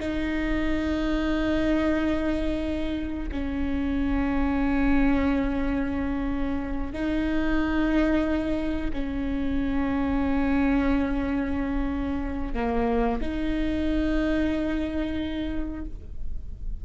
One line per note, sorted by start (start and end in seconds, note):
0.00 3.30 D#4
3.32 6.93 C#4
6.93 8.91 D#4
8.93 12.54 C#4
12.54 13.20 A#3
13.22 15.85 D#4